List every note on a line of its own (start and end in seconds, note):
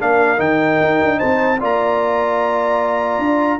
0.00 0.39 A#3
0.00 0.37 D4
0.00 1.18 A#4
0.00 0.40 F5
0.37 0.79 D#3
0.37 1.57 D#4
0.37 1.19 G5
0.81 1.01 D#4
1.01 1.21 D4
1.18 1.62 C4
1.18 1.58 C5
1.18 1.59 A5
1.60 3.18 A#3
1.60 3.60 F4
1.60 3.60 D5
1.60 3.60 A#5
3.18 3.58 D4